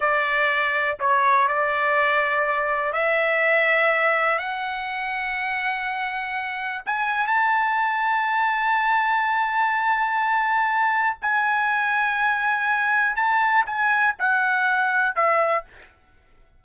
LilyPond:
\new Staff \with { instrumentName = "trumpet" } { \time 4/4 \tempo 4 = 123 d''2 cis''4 d''4~ | d''2 e''2~ | e''4 fis''2.~ | fis''2 gis''4 a''4~ |
a''1~ | a''2. gis''4~ | gis''2. a''4 | gis''4 fis''2 e''4 | }